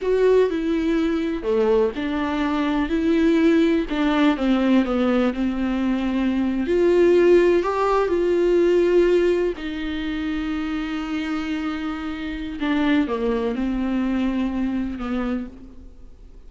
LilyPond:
\new Staff \with { instrumentName = "viola" } { \time 4/4 \tempo 4 = 124 fis'4 e'2 a4 | d'2 e'2 | d'4 c'4 b4 c'4~ | c'4.~ c'16 f'2 g'16~ |
g'8. f'2. dis'16~ | dis'1~ | dis'2 d'4 ais4 | c'2. b4 | }